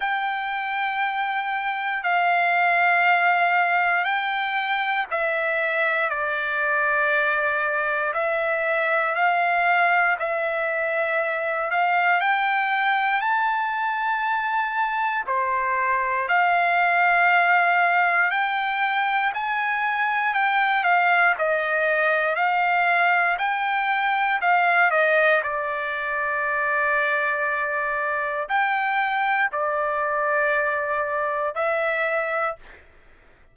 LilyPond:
\new Staff \with { instrumentName = "trumpet" } { \time 4/4 \tempo 4 = 59 g''2 f''2 | g''4 e''4 d''2 | e''4 f''4 e''4. f''8 | g''4 a''2 c''4 |
f''2 g''4 gis''4 | g''8 f''8 dis''4 f''4 g''4 | f''8 dis''8 d''2. | g''4 d''2 e''4 | }